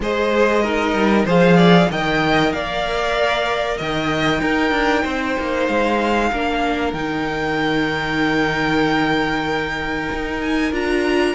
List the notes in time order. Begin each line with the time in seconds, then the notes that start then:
0.00 G#3 G#4 C5 D#5
0.62 D#4 A#4
0.93 G3
1.25 F3 G#4 C5 F5
1.56 D5
1.89 D#3 A#4 D#5 G5
2.52 A#3 D5 F5
3.77 D#3 D#5 G5
4.40 D#4 A#4
4.71 D4
5.03 C4 C5
5.38 A#3
5.67 G#3 F5
6.31 A#3 D4 A#4
6.93 D#3 D#4 G5
10.12 D#4
10.40 G#5
10.72 D4 F4 A#5